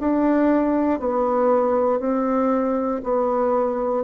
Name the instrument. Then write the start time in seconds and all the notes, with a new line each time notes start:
bassoon
0.00 D4
1.00 B3
2.00 C4
3.03 B3